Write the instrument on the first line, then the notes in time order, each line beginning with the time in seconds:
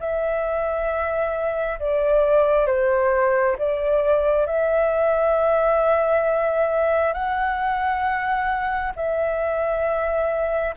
flute
0.00 E5
1.80 D5
2.67 C5
3.58 D5
4.47 E5
7.14 F#5
8.96 E5